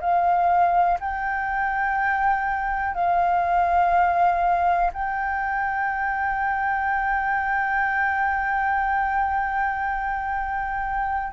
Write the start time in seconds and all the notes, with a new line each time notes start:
0.00 F5
0.99 G5
2.94 F5
4.93 G5